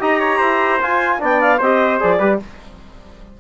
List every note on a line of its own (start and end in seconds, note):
0.00 0.41 D#4
0.00 0.80 G4
0.00 0.20 D#5
0.00 0.82 A#5
0.20 0.38 C#5
0.38 0.81 E4
0.38 1.18 C5
0.82 1.19 F4
0.82 1.22 F4
0.82 1.22 G#5
1.19 1.61 B3
1.19 1.59 D4
1.19 1.58 D5
1.19 1.41 G5
1.41 1.61 F5
1.58 2.01 C4
1.58 2.01 G4
1.58 2.18 C5
1.58 2.00 D#5
2.00 2.20 F3
2.00 2.20 G#4
2.00 2.40 D5
2.19 2.40 G3
2.19 2.40 G4
2.19 2.39 B4